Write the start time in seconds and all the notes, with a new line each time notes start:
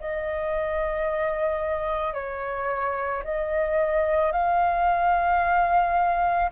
0.00 D#5
2.14 C#5
3.24 D#5
4.32 F5